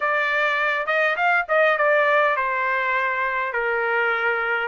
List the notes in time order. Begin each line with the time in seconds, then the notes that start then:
0.00 D5
0.86 D#5
1.16 F5
1.48 D#5
1.77 D5
2.36 C5
3.52 A#4